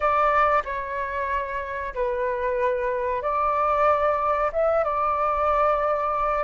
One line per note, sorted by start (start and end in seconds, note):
0.00 0.62 D5
0.65 1.94 C#5
1.94 3.22 B4
3.22 4.51 D5
4.52 4.84 E5
4.84 6.44 D5